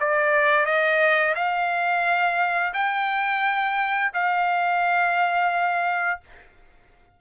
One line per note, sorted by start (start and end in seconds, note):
0.00 0.66 D5
0.66 1.35 D#5
1.35 2.73 F5
2.74 4.12 G5
4.14 6.21 F5